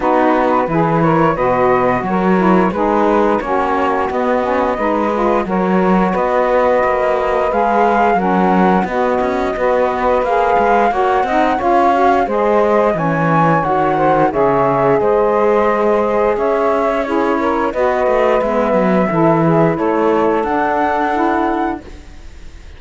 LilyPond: <<
  \new Staff \with { instrumentName = "flute" } { \time 4/4 \tempo 4 = 88 b'4. cis''8 dis''4 cis''4 | b'4 cis''4 dis''2 | cis''4 dis''2 f''4 | fis''4 dis''2 f''4 |
fis''4 f''4 dis''4 gis''4 | fis''4 e''4 dis''2 | e''4 cis''4 dis''4 e''4~ | e''4 cis''4 fis''2 | }
  \new Staff \with { instrumentName = "saxophone" } { \time 4/4 fis'4 gis'8 ais'8 b'4 ais'4 | gis'4 fis'2 b'4 | ais'4 b'2. | ais'4 fis'4 b'2 |
cis''8 dis''8 cis''4 c''4 cis''4~ | cis''8 c''8 cis''4 c''2 | cis''4 gis'8 ais'8 b'2 | a'8 gis'8 a'2. | }
  \new Staff \with { instrumentName = "saxophone" } { \time 4/4 dis'4 e'4 fis'4. e'8 | dis'4 cis'4 b8 cis'8 dis'8 f'8 | fis'2. gis'4 | cis'4 b4 fis'4 gis'4 |
fis'8 dis'8 f'8 fis'8 gis'4 cis'4 | fis'4 gis'2.~ | gis'4 e'4 fis'4 b4 | e'2 d'4 e'4 | }
  \new Staff \with { instrumentName = "cello" } { \time 4/4 b4 e4 b,4 fis4 | gis4 ais4 b4 gis4 | fis4 b4 ais4 gis4 | fis4 b8 cis'8 b4 ais8 gis8 |
ais8 c'8 cis'4 gis4 e4 | dis4 cis4 gis2 | cis'2 b8 a8 gis8 fis8 | e4 a4 d'2 | }
>>